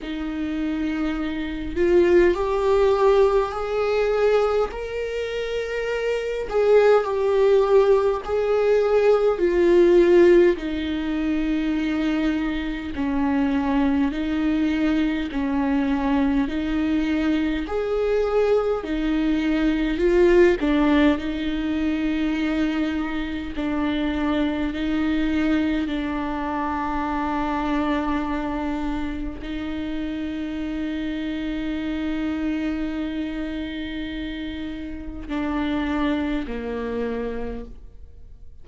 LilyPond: \new Staff \with { instrumentName = "viola" } { \time 4/4 \tempo 4 = 51 dis'4. f'8 g'4 gis'4 | ais'4. gis'8 g'4 gis'4 | f'4 dis'2 cis'4 | dis'4 cis'4 dis'4 gis'4 |
dis'4 f'8 d'8 dis'2 | d'4 dis'4 d'2~ | d'4 dis'2.~ | dis'2 d'4 ais4 | }